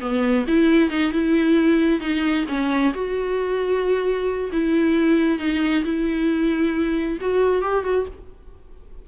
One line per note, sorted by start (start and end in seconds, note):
0.00 0.45 B3
0.47 0.90 E4
0.90 1.12 D#4
1.12 2.00 E4
2.00 2.45 D#4
2.48 2.93 C#4
2.93 4.50 F#4
4.52 5.39 E4
5.39 5.83 D#4
5.84 7.18 E4
7.21 7.62 F#4
7.62 7.84 G4
7.84 8.06 F#4